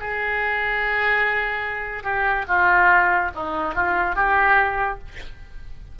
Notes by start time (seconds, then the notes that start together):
0.00 G#4
2.04 G4
2.48 F4
3.35 D#4
3.75 F4
4.16 G4